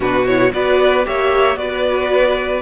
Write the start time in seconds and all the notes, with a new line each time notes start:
0.00 B2 D4 F#4 B4
0.26 E4 C#5
0.50 B3 F#4 B4 D5
1.04 A#3 G4 C#5 E5
1.56 B3 F#4 B4 D5